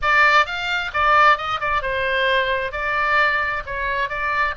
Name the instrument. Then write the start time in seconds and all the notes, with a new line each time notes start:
oboe
0.02 D5
0.45 F5
0.93 D5
1.37 D#5
1.60 D5
1.82 C5
2.72 D5
3.65 C#5
4.09 D5